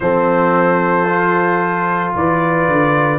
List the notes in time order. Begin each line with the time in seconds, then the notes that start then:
0.00 F3 C4 A4 C5
1.08 F4
2.15 E3 B4 D5
2.67 D3